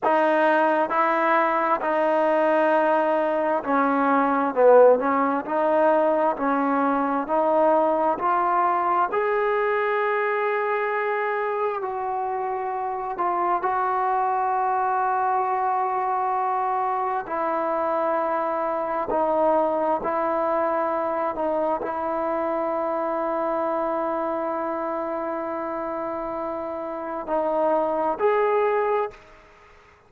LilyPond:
\new Staff \with { instrumentName = "trombone" } { \time 4/4 \tempo 4 = 66 dis'4 e'4 dis'2 | cis'4 b8 cis'8 dis'4 cis'4 | dis'4 f'4 gis'2~ | gis'4 fis'4. f'8 fis'4~ |
fis'2. e'4~ | e'4 dis'4 e'4. dis'8 | e'1~ | e'2 dis'4 gis'4 | }